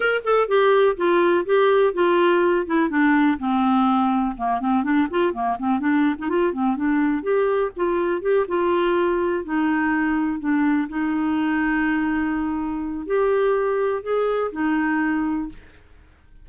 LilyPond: \new Staff \with { instrumentName = "clarinet" } { \time 4/4 \tempo 4 = 124 ais'8 a'8 g'4 f'4 g'4 | f'4. e'8 d'4 c'4~ | c'4 ais8 c'8 d'8 f'8 ais8 c'8 | d'8. dis'16 f'8 c'8 d'4 g'4 |
f'4 g'8 f'2 dis'8~ | dis'4. d'4 dis'4.~ | dis'2. g'4~ | g'4 gis'4 dis'2 | }